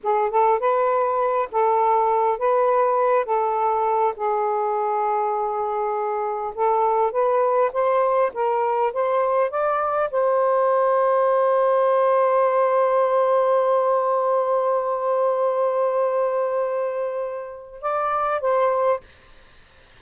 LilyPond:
\new Staff \with { instrumentName = "saxophone" } { \time 4/4 \tempo 4 = 101 gis'8 a'8 b'4. a'4. | b'4. a'4. gis'4~ | gis'2. a'4 | b'4 c''4 ais'4 c''4 |
d''4 c''2.~ | c''1~ | c''1~ | c''2 d''4 c''4 | }